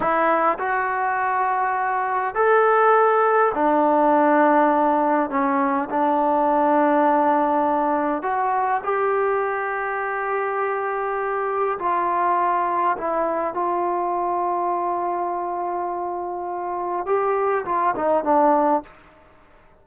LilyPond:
\new Staff \with { instrumentName = "trombone" } { \time 4/4 \tempo 4 = 102 e'4 fis'2. | a'2 d'2~ | d'4 cis'4 d'2~ | d'2 fis'4 g'4~ |
g'1 | f'2 e'4 f'4~ | f'1~ | f'4 g'4 f'8 dis'8 d'4 | }